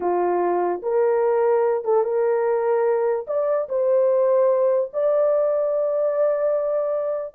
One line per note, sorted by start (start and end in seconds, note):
0.00 0.81 F4
0.82 1.84 A#4
1.84 2.03 A4
2.03 3.26 A#4
3.27 3.68 D5
3.68 4.91 C5
4.93 7.34 D5